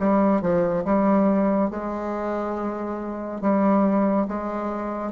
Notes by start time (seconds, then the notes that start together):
0.00 G3
0.42 F3
0.85 G3
1.71 G#3
3.42 G3
4.28 G#3